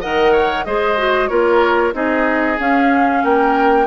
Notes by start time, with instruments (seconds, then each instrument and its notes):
0.00 bassoon D#3, clarinet A#4, oboe D#5, flute F#5
0.32 oboe C#5
0.64 bassoon G#3, clarinet G#4, oboe C5, flute D#5
0.97 clarinet F#4
1.27 bassoon A#3, clarinet F4, oboe A#4, flute C#5
1.93 bassoon C4, clarinet D#4, oboe G#4, flute D#5
2.58 clarinet C#4, bassoon C#4, flute F5
3.23 bassoon A#3, oboe A#4, flute G5